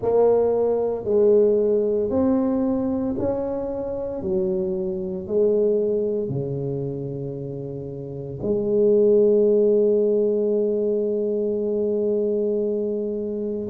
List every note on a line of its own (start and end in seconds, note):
0.01 1.04 A#3
1.04 2.10 G#3
2.10 3.15 C4
3.18 4.22 C#4
4.22 5.27 F#3
5.27 6.28 G#3
6.28 8.39 C#3
8.42 13.68 G#3